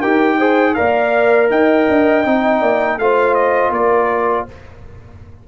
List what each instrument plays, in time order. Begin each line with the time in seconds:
0.00 tuba D#4, trombone G4, horn A#4, trumpet G5
0.38 trombone G#4, horn C5
0.74 tuba A#3, trombone A#4, horn D5, trumpet F5
1.50 tuba D#4, horn D#5, trumpet G5
1.88 tuba D4
2.25 tuba C4, trombone D#4
2.59 tuba A#3, horn D5
2.98 tuba A3, trombone F4, horn C5, trumpet F5
3.34 trumpet D#5
3.70 tuba A#3, horn A#4, trumpet D5